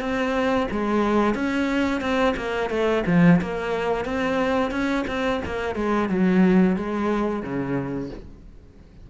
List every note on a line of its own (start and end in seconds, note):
0.00 0.67 C4
0.71 1.34 G#3
1.34 2.01 C#4
2.01 2.34 C4
2.36 2.69 A#3
2.69 3.03 A3
3.07 3.40 F3
3.41 4.05 A#3
4.05 4.71 C4
4.71 5.04 C#4
5.07 5.41 C4
5.45 5.75 A#3
5.75 6.09 G#3
6.09 6.76 F#3
6.76 7.42 G#3
7.42 8.10 C#3